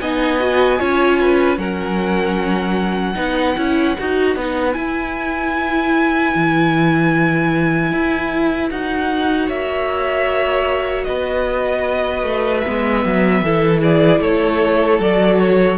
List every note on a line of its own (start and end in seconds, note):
0.00 0.80 B3
0.00 0.40 D#4
0.00 0.79 D#5
0.00 1.58 G#5
0.40 0.79 F#4
0.79 1.58 C#4
0.79 1.57 F4
0.79 1.19 C#5
1.20 1.59 B4
1.57 3.16 F#3
1.57 3.15 C#4
1.57 3.16 A#4
1.57 4.72 F#5
3.15 3.56 B3
3.15 3.54 D#4
3.15 9.47 B4
3.56 3.97 C#4
3.56 3.96 E4
3.98 4.36 D#4
3.98 4.37 F#4
4.36 4.75 B3
4.36 4.73 D#4
4.72 8.67 E4
4.72 6.34 E4
4.72 8.67 G#5
6.35 7.92 E3
7.92 8.71 E4
8.70 9.49 D#4
8.70 12.65 F#4
8.70 9.49 F#5
9.47 11.07 A#3
9.47 11.05 C#5
9.47 11.04 E5
11.04 12.23 B3
11.04 13.44 B4
11.04 12.60 D#5
12.23 12.62 A3
12.60 13.44 B3
12.60 13.78 E5
12.68 13.05 G#3
13.05 13.42 F#3
13.42 14.21 E3
13.42 15.01 E4
13.42 13.82 A4
13.82 14.21 G#4
13.82 14.22 D5
14.21 14.99 A3
14.21 15.78 A4
14.21 15.01 C#5
14.99 15.78 F#3
14.99 15.39 D5
15.05 15.78 F#4
15.39 15.78 C#5